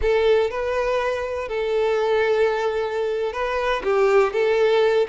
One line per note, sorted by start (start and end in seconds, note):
0.01 0.50 A4
0.50 1.48 B4
1.48 3.32 A4
3.32 3.82 B4
3.83 4.33 G4
4.33 5.07 A4